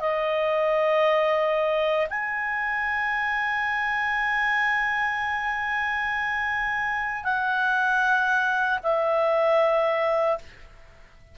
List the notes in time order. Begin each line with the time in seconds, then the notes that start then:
0.00 D#5
2.10 G#5
7.24 F#5
8.83 E5